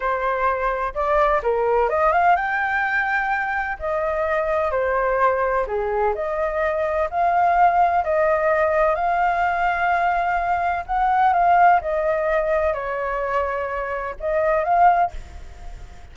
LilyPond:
\new Staff \with { instrumentName = "flute" } { \time 4/4 \tempo 4 = 127 c''2 d''4 ais'4 | dis''8 f''8 g''2. | dis''2 c''2 | gis'4 dis''2 f''4~ |
f''4 dis''2 f''4~ | f''2. fis''4 | f''4 dis''2 cis''4~ | cis''2 dis''4 f''4 | }